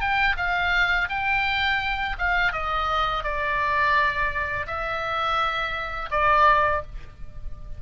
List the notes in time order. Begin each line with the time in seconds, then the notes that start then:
0.00 G5
0.37 F5
1.09 G5
2.18 F5
2.52 D#5
3.23 D5
4.67 E5
6.10 D5